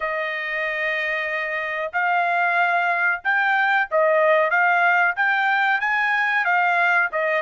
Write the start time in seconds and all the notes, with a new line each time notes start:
0.00 D#5
1.92 F5
3.23 G5
3.90 D#5
4.50 F5
5.16 G5
5.80 G#5
6.44 F5
7.11 D#5